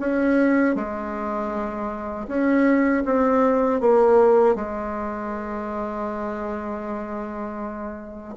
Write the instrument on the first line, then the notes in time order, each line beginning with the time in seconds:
bassoon
0.00 C#4
0.76 G#3
2.28 C#4
3.06 C4
3.81 A#3
4.56 G#3